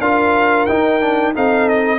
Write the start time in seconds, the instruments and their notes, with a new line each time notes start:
0.00 tuba D4, trombone F4, horn A#4, trumpet F5
0.66 trombone D#4, tuba D#4, trumpet G5
1.00 trombone D4
1.34 tuba C4, trombone D#4, horn A4, trumpet F5
1.68 trumpet D#5